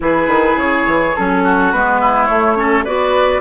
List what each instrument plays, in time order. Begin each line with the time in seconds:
0.00 bassoon E3, clarinet E4, oboe G#4, flute B4
0.27 bassoon D#3
0.55 bassoon C#3, flute C#5
0.86 bassoon E3
1.16 bassoon F#3, clarinet C#4, flute A4
1.43 oboe F#4
1.72 bassoon G#3, clarinet B3, flute B4
2.00 oboe E4
2.26 clarinet A3, bassoon A3, flute C#5
2.56 clarinet C#4, oboe A4
2.84 bassoon B3, clarinet F#4, oboe B4, flute D5